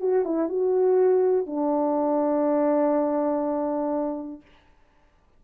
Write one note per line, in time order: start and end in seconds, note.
0.00 0.25 F#4
0.25 0.48 E4
0.48 1.46 F#4
1.46 4.41 D4